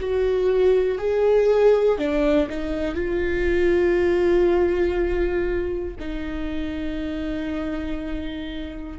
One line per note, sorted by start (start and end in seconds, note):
0.00 0.98 F#4
0.98 1.98 G#4
1.98 2.48 D4
2.50 2.95 D#4
2.95 5.95 F4
6.00 8.99 D#4